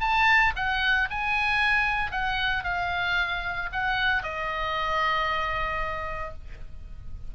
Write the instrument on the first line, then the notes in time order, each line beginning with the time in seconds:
oboe
0.00 A5
0.56 F#5
1.10 G#5
2.11 F#5
2.64 F5
3.72 F#5
4.23 D#5